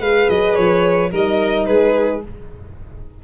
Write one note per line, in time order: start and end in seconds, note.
0.00 0.28 G#3
0.00 1.10 G#4
0.00 1.10 B4
0.00 0.29 F5
0.29 0.57 F#3
0.29 0.55 D#5
0.55 1.12 F3
0.55 1.10 C#5
1.11 1.67 G3
1.11 2.23 D#4
1.11 1.66 A#4
1.11 1.66 D#5
1.66 2.22 G#3
1.66 2.24 G#4
1.66 2.21 B4